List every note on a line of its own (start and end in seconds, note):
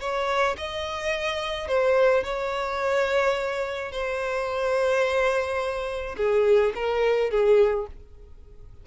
0.00 0.56 C#5
0.57 1.67 D#5
1.67 2.24 C5
2.24 3.92 C#5
3.92 6.16 C5
6.17 6.73 G#4
6.75 7.30 A#4
7.30 7.86 G#4